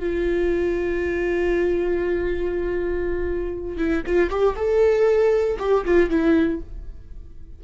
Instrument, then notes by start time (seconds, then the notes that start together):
viola
0.00 F4
3.77 E4
4.06 F4
4.30 G4
4.56 A4
5.59 G4
5.85 F4
6.10 E4